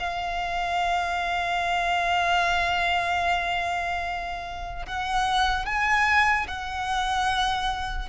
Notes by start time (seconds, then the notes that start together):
0.00 F5
4.87 F#5
5.66 G#5
6.48 F#5